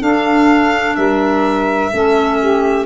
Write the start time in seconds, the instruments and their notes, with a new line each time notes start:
0.00 clarinet D4, tuba D4, saxophone A4, violin F5
0.96 tuba G3, saxophone A#4, violin E5
1.92 tuba A3, clarinet C#4, saxophone A4
2.39 saxophone G4